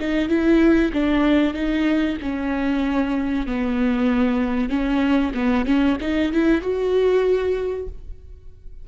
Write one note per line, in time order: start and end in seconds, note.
0.00 0.29 D#4
0.29 0.92 E4
0.93 1.54 D4
1.54 2.17 D#4
2.22 3.47 C#4
3.47 4.69 B3
4.69 5.33 C#4
5.34 5.66 B3
5.66 5.97 C#4
6.01 6.32 D#4
6.32 6.61 E4
6.61 7.88 F#4